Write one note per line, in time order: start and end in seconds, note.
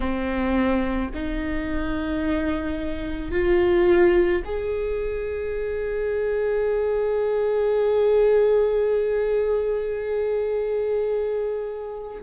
0.00 1.10 C4
1.14 3.31 D#4
3.31 4.42 F4
4.44 12.22 G#4